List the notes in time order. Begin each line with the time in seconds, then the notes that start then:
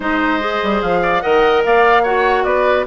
0.00 G#3 D#4 C5 D#5
0.40 G#4
0.63 G3
0.81 F3 F5
1.02 D5
1.21 D#3 A#4 D#5 F#5
1.64 A#3 D5 F5
2.02 F#4 C#5 F#5
2.44 B3 B4 D5